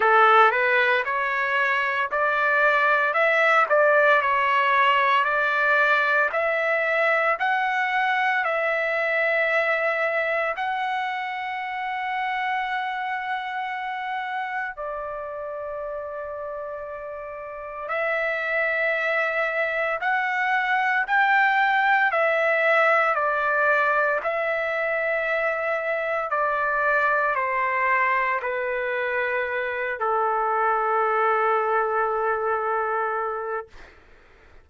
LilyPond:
\new Staff \with { instrumentName = "trumpet" } { \time 4/4 \tempo 4 = 57 a'8 b'8 cis''4 d''4 e''8 d''8 | cis''4 d''4 e''4 fis''4 | e''2 fis''2~ | fis''2 d''2~ |
d''4 e''2 fis''4 | g''4 e''4 d''4 e''4~ | e''4 d''4 c''4 b'4~ | b'8 a'2.~ a'8 | }